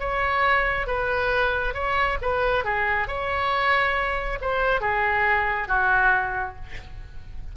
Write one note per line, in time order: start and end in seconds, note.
0.00 0.87 C#5
0.87 1.74 B4
1.74 2.18 C#5
2.22 2.65 B4
2.65 3.08 G#4
3.08 4.39 C#5
4.42 4.81 C5
4.81 5.69 G#4
5.69 6.56 F#4